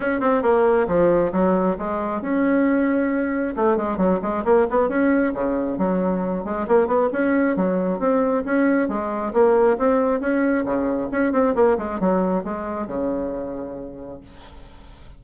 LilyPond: \new Staff \with { instrumentName = "bassoon" } { \time 4/4 \tempo 4 = 135 cis'8 c'8 ais4 f4 fis4 | gis4 cis'2. | a8 gis8 fis8 gis8 ais8 b8 cis'4 | cis4 fis4. gis8 ais8 b8 |
cis'4 fis4 c'4 cis'4 | gis4 ais4 c'4 cis'4 | cis4 cis'8 c'8 ais8 gis8 fis4 | gis4 cis2. | }